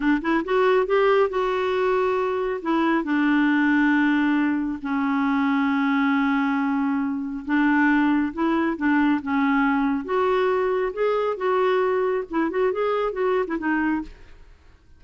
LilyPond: \new Staff \with { instrumentName = "clarinet" } { \time 4/4 \tempo 4 = 137 d'8 e'8 fis'4 g'4 fis'4~ | fis'2 e'4 d'4~ | d'2. cis'4~ | cis'1~ |
cis'4 d'2 e'4 | d'4 cis'2 fis'4~ | fis'4 gis'4 fis'2 | e'8 fis'8 gis'4 fis'8. e'16 dis'4 | }